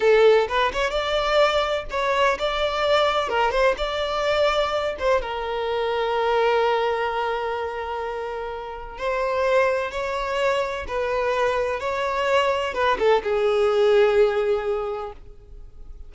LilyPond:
\new Staff \with { instrumentName = "violin" } { \time 4/4 \tempo 4 = 127 a'4 b'8 cis''8 d''2 | cis''4 d''2 ais'8 c''8 | d''2~ d''8 c''8 ais'4~ | ais'1~ |
ais'2. c''4~ | c''4 cis''2 b'4~ | b'4 cis''2 b'8 a'8 | gis'1 | }